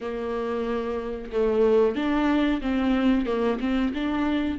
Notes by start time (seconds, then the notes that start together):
0.00 A#3
1.32 A3
1.95 D4
2.61 C4
3.26 A#3
3.60 C4
3.94 D4